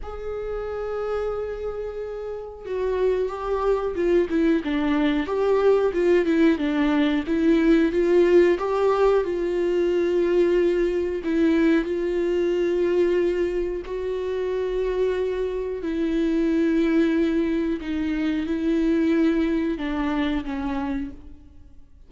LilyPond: \new Staff \with { instrumentName = "viola" } { \time 4/4 \tempo 4 = 91 gis'1 | fis'4 g'4 f'8 e'8 d'4 | g'4 f'8 e'8 d'4 e'4 | f'4 g'4 f'2~ |
f'4 e'4 f'2~ | f'4 fis'2. | e'2. dis'4 | e'2 d'4 cis'4 | }